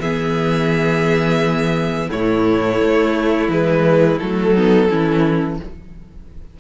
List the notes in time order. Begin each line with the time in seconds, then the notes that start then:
0.00 E3 B3 G#4 E5
2.09 A2 A3 E4 C#5
2.82 A3
3.49 E3 G#3 B4
4.19 F#3 A3 A4
4.54 B3 D#4
4.89 E3 C#4 E4